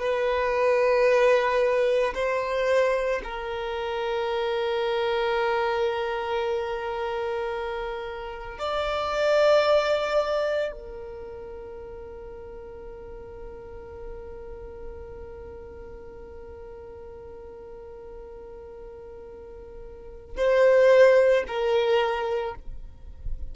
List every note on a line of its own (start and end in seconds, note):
0.00 2.14 B4
2.15 3.22 C5
3.24 8.59 A#4
8.59 10.72 D5
10.72 20.37 A#4
20.37 21.44 C5
21.48 22.55 A#4